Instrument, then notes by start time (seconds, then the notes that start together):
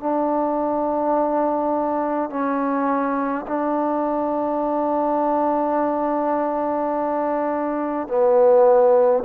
trombone
0.00 D4
2.30 C#4
3.47 D4
8.08 B3